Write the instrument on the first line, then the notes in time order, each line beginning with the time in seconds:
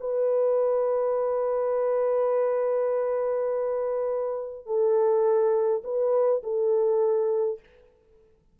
horn
0.00 B4
4.66 A4
5.84 B4
6.43 A4